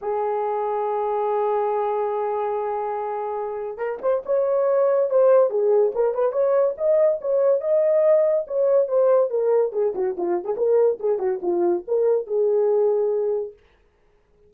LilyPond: \new Staff \with { instrumentName = "horn" } { \time 4/4 \tempo 4 = 142 gis'1~ | gis'1~ | gis'4 ais'8 c''8 cis''2 | c''4 gis'4 ais'8 b'8 cis''4 |
dis''4 cis''4 dis''2 | cis''4 c''4 ais'4 gis'8 fis'8 | f'8. gis'16 ais'4 gis'8 fis'8 f'4 | ais'4 gis'2. | }